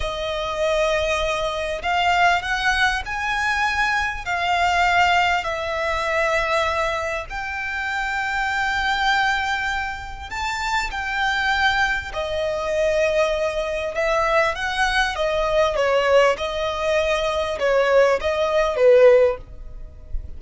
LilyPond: \new Staff \with { instrumentName = "violin" } { \time 4/4 \tempo 4 = 99 dis''2. f''4 | fis''4 gis''2 f''4~ | f''4 e''2. | g''1~ |
g''4 a''4 g''2 | dis''2. e''4 | fis''4 dis''4 cis''4 dis''4~ | dis''4 cis''4 dis''4 b'4 | }